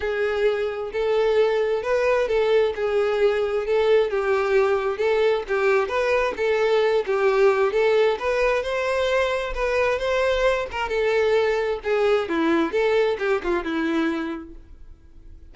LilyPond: \new Staff \with { instrumentName = "violin" } { \time 4/4 \tempo 4 = 132 gis'2 a'2 | b'4 a'4 gis'2 | a'4 g'2 a'4 | g'4 b'4 a'4. g'8~ |
g'4 a'4 b'4 c''4~ | c''4 b'4 c''4. ais'8 | a'2 gis'4 e'4 | a'4 g'8 f'8 e'2 | }